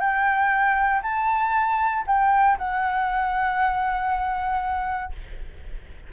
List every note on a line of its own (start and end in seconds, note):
0.00 1.02 G5
1.03 2.04 A5
2.07 2.58 G5
2.58 5.12 F#5